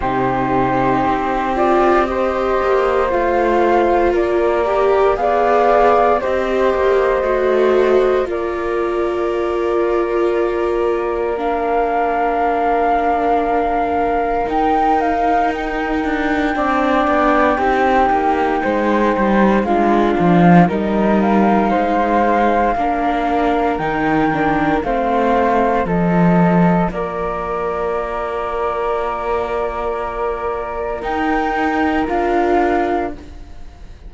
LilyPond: <<
  \new Staff \with { instrumentName = "flute" } { \time 4/4 \tempo 4 = 58 c''4. d''8 dis''4 f''4 | d''4 f''4 dis''2 | d''2. f''4~ | f''2 g''8 f''8 g''4~ |
g''2. f''4 | dis''8 f''2~ f''8 g''4 | f''4 dis''4 d''2~ | d''2 g''4 f''4 | }
  \new Staff \with { instrumentName = "flute" } { \time 4/4 g'2 c''2 | ais'4 d''4 c''2 | ais'1~ | ais'1 |
d''4 g'4 c''4 f'4 | ais'4 c''4 ais'2 | c''4 a'4 ais'2~ | ais'1 | }
  \new Staff \with { instrumentName = "viola" } { \time 4/4 dis'4. f'8 g'4 f'4~ | f'8 g'8 gis'4 g'4 fis'4 | f'2. d'4~ | d'2 dis'2 |
d'4 dis'2 d'4 | dis'2 d'4 dis'8 d'8 | c'4 f'2.~ | f'2 dis'4 f'4 | }
  \new Staff \with { instrumentName = "cello" } { \time 4/4 c4 c'4. ais8 a4 | ais4 b4 c'8 ais8 a4 | ais1~ | ais2 dis'4. d'8 |
c'8 b8 c'8 ais8 gis8 g8 gis8 f8 | g4 gis4 ais4 dis4 | a4 f4 ais2~ | ais2 dis'4 d'4 | }
>>